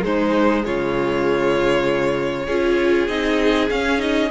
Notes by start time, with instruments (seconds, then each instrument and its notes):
0.00 viola G#3, cello G#3, violin D#4 C5
0.65 cello C#3, violin F4 C#5
2.46 cello C#4, viola F4, violin G#4
3.08 cello C4, viola D#4, violin D#5
3.70 cello C#4, viola C#4, violin F5
3.98 viola D#4, violin D#5